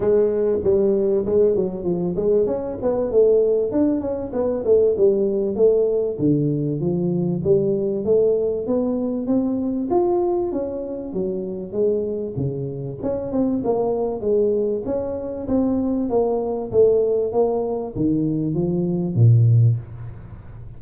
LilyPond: \new Staff \with { instrumentName = "tuba" } { \time 4/4 \tempo 4 = 97 gis4 g4 gis8 fis8 f8 gis8 | cis'8 b8 a4 d'8 cis'8 b8 a8 | g4 a4 d4 f4 | g4 a4 b4 c'4 |
f'4 cis'4 fis4 gis4 | cis4 cis'8 c'8 ais4 gis4 | cis'4 c'4 ais4 a4 | ais4 dis4 f4 ais,4 | }